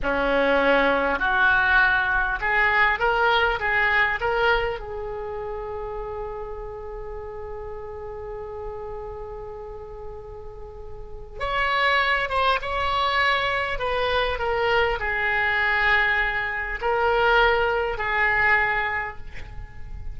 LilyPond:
\new Staff \with { instrumentName = "oboe" } { \time 4/4 \tempo 4 = 100 cis'2 fis'2 | gis'4 ais'4 gis'4 ais'4 | gis'1~ | gis'1~ |
gis'2. cis''4~ | cis''8 c''8 cis''2 b'4 | ais'4 gis'2. | ais'2 gis'2 | }